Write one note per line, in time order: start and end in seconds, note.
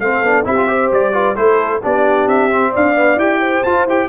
0.00 0.22 A3
0.00 0.25 C4
0.00 0.48 A4
0.00 0.45 F5
0.22 0.45 B3
0.22 0.45 D4
0.45 0.91 C4
0.45 0.56 E4
0.45 0.68 G4
0.45 0.92 E5
0.57 0.67 F4
0.67 1.13 G4
0.67 1.13 C5
0.92 1.36 G3
0.92 1.36 D5
1.13 1.36 F4
1.13 1.36 B4
1.36 1.82 A3
1.36 1.82 E4
1.36 1.82 A4
1.36 1.81 C5
1.82 2.27 B3
1.82 2.50 D4
1.82 2.71 G4
1.82 2.28 D5
2.27 2.73 C4
2.27 2.74 E5
2.50 2.95 C4
2.71 3.16 D4
2.71 3.39 D5
2.71 3.19 F5
2.95 3.18 B3
3.16 3.62 E4
3.16 3.64 G4
3.16 3.64 G5
3.40 4.08 C5
3.64 3.88 F4
3.64 3.85 F4
3.64 3.86 A5
3.85 4.08 E4
3.85 4.09 G4
3.85 4.09 G5